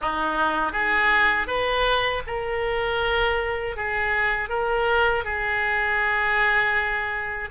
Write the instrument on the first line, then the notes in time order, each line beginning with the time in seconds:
oboe
0.01 D#4
0.72 G#4
1.47 B4
2.26 A#4
3.76 G#4
4.49 A#4
5.24 G#4